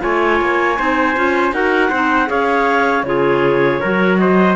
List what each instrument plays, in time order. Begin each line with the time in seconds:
0.00 cello A3, clarinet F4 G#5, trumpet C#5
0.41 cello A#3
0.77 cello C4, clarinet D#4, trumpet C5
1.16 cello C#4, clarinet F4
1.52 cello D#4, clarinet F#4 F#5, trumpet A#4
1.90 cello C4, clarinet D#4, trumpet C5
2.27 cello C#4, clarinet G#4 F5, trumpet C#5
3.03 cello C#3, clarinet F4 C#5, trumpet G#4
3.81 cello F#3, clarinet F#4, trumpet A#4
4.18 trumpet C5, clarinet D#5